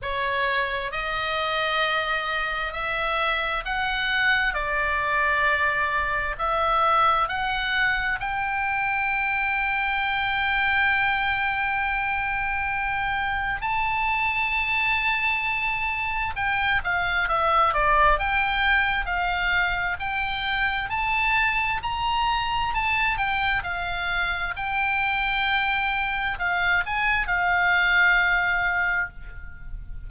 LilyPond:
\new Staff \with { instrumentName = "oboe" } { \time 4/4 \tempo 4 = 66 cis''4 dis''2 e''4 | fis''4 d''2 e''4 | fis''4 g''2.~ | g''2. a''4~ |
a''2 g''8 f''8 e''8 d''8 | g''4 f''4 g''4 a''4 | ais''4 a''8 g''8 f''4 g''4~ | g''4 f''8 gis''8 f''2 | }